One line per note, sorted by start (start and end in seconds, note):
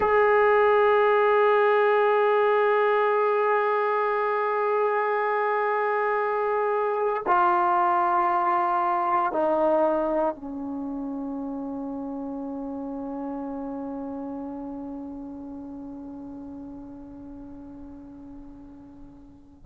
0.00 7.23 G#4
7.26 9.32 F4
9.32 10.34 D#4
10.34 19.66 C#4